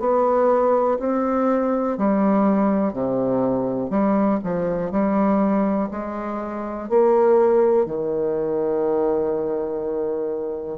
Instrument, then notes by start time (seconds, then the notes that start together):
bassoon
0.00 B3
0.99 C4
1.98 G3
2.93 C3
3.90 G3
4.44 F3
4.91 G3
5.91 G#3
6.89 A#3
7.86 D#3